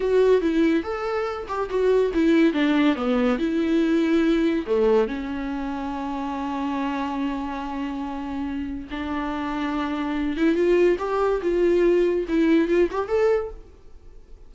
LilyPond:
\new Staff \with { instrumentName = "viola" } { \time 4/4 \tempo 4 = 142 fis'4 e'4 a'4. g'8 | fis'4 e'4 d'4 b4 | e'2. a4 | cis'1~ |
cis'1~ | cis'4 d'2.~ | d'8 e'8 f'4 g'4 f'4~ | f'4 e'4 f'8 g'8 a'4 | }